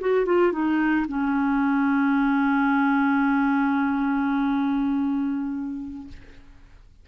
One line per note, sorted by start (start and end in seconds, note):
0.00 0.26 F#4
0.26 0.52 F4
0.52 1.06 D#4
1.08 6.08 C#4